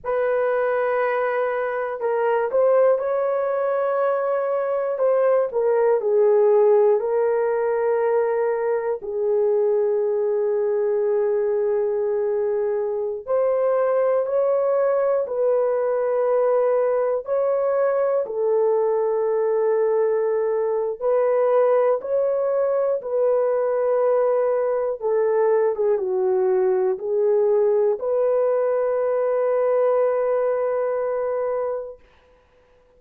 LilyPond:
\new Staff \with { instrumentName = "horn" } { \time 4/4 \tempo 4 = 60 b'2 ais'8 c''8 cis''4~ | cis''4 c''8 ais'8 gis'4 ais'4~ | ais'4 gis'2.~ | gis'4~ gis'16 c''4 cis''4 b'8.~ |
b'4~ b'16 cis''4 a'4.~ a'16~ | a'4 b'4 cis''4 b'4~ | b'4 a'8. gis'16 fis'4 gis'4 | b'1 | }